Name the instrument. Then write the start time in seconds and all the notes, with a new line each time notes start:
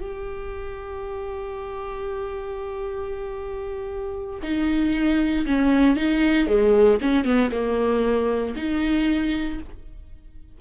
viola
0.00 G4
4.42 D#4
5.46 C#4
5.96 D#4
6.47 G#3
7.01 C#4
7.24 B3
7.51 A#3
8.55 D#4